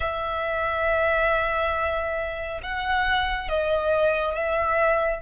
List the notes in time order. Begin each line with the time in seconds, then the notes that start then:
0.00 E5
2.62 F#5
3.48 D#5
4.35 E5